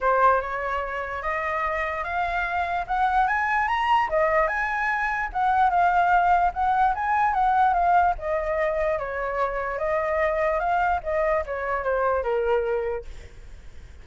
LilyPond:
\new Staff \with { instrumentName = "flute" } { \time 4/4 \tempo 4 = 147 c''4 cis''2 dis''4~ | dis''4 f''2 fis''4 | gis''4 ais''4 dis''4 gis''4~ | gis''4 fis''4 f''2 |
fis''4 gis''4 fis''4 f''4 | dis''2 cis''2 | dis''2 f''4 dis''4 | cis''4 c''4 ais'2 | }